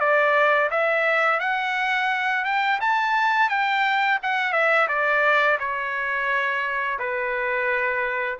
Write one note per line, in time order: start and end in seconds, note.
0.00 0.70 D5
0.71 1.40 E5
1.40 2.45 F#5
2.45 2.79 G5
2.81 3.49 A5
3.49 4.19 G5
4.23 4.53 F#5
4.53 4.87 E5
4.88 5.58 D5
5.59 6.99 C#5
6.99 8.38 B4